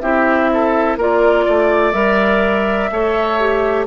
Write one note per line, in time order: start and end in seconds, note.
0.00 0.97 C4
0.00 0.99 E4
0.00 0.50 G4
0.00 0.97 E5
0.53 0.98 A4
0.97 1.45 A#3
0.97 1.93 F4
0.97 1.45 A#4
0.97 1.92 D5
1.45 1.93 A3
1.45 2.90 D5
1.92 2.90 G3
1.92 2.90 A#4
1.92 3.86 E5
2.91 3.87 A3
2.91 3.40 A4
2.91 3.87 C#5
3.40 3.87 G4